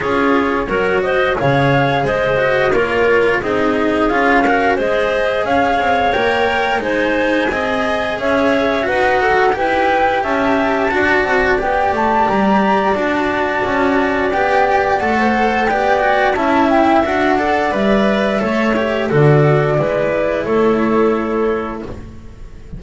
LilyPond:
<<
  \new Staff \with { instrumentName = "flute" } { \time 4/4 \tempo 4 = 88 cis''4. dis''8 f''4 dis''4 | cis''4 dis''4 f''4 dis''4 | f''4 g''4 gis''2 | e''4 fis''4 g''4 a''4~ |
a''4 g''8 a''8 ais''4 a''4~ | a''4 g''4 fis''4 g''4 | a''8 g''8 fis''4 e''2 | d''2 cis''2 | }
  \new Staff \with { instrumentName = "clarinet" } { \time 4/4 gis'4 ais'8 c''8 cis''4 c''4 | ais'4 gis'4. ais'8 c''4 | cis''2 c''4 dis''4 | cis''4 b'8 a'8 b'4 e''4 |
d''1~ | d''2~ d''16 c''8. d''4 | e''4. d''4. cis''4 | a'4 b'4 a'2 | }
  \new Staff \with { instrumentName = "cello" } { \time 4/4 f'4 fis'4 gis'4. fis'8 | f'4 dis'4 f'8 fis'8 gis'4~ | gis'4 ais'4 dis'4 gis'4~ | gis'4 fis'4 g'2 |
fis'4 g'2 fis'4~ | fis'4 g'4 a'4 g'8 fis'8 | e'4 fis'8 a'8 b'4 a'8 g'8 | fis'4 e'2. | }
  \new Staff \with { instrumentName = "double bass" } { \time 4/4 cis'4 fis4 cis4 gis4 | ais4 c'4 cis'4 gis4 | cis'8 c'8 ais4 gis4 c'4 | cis'4 dis'4 e'4 cis'4 |
d'8 c'8 b8 a8 g4 d'4 | cis'4 b4 a4 b4 | cis'4 d'4 g4 a4 | d4 gis4 a2 | }
>>